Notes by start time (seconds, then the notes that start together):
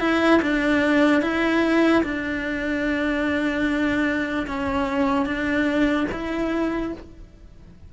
0.00 E4
0.42 D4
1.22 E4
2.03 D4
4.47 C#4
5.26 D4
6.11 E4